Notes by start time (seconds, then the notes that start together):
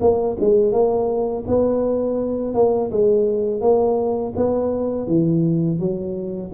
0.00 A#3
0.40 G#3
0.72 A#3
1.47 B3
2.54 A#3
2.91 G#3
3.60 A#3
4.36 B3
5.07 E3
5.79 F#3